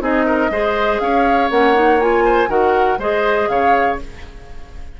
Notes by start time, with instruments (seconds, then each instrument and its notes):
0.00 bassoon C4, clarinet D#4, oboe G#4, flute D#5
0.25 oboe A#4
0.50 bassoon G#3, clarinet G#4, oboe C5
0.99 bassoon C#4, oboe C#5, flute F5
1.50 bassoon A#3, clarinet C#4, flute F#5
1.74 clarinet D#4
2.00 clarinet F4, flute G#5
2.24 oboe C5
2.47 bassoon D#3, clarinet F#4, oboe A#4, flute F#5
2.98 bassoon G#3, clarinet G#4, oboe C5, flute D#5
3.48 bassoon C#3, oboe C#5, flute F5